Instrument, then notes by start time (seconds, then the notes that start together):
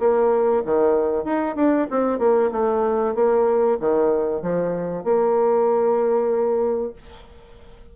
bassoon
0.00 A#3
0.65 D#3
1.24 D#4
1.56 D4
1.90 C4
2.19 A#3
2.51 A3
3.15 A#3
3.80 D#3
4.42 F3
5.04 A#3